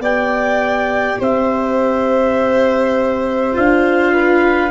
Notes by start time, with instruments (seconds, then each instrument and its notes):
0.00 tuba B3, viola G4, violin D5, trumpet G5
1.20 tuba C4, violin C5, trumpet E5
3.53 tuba D4, viola F4, trumpet F5
4.13 violin B4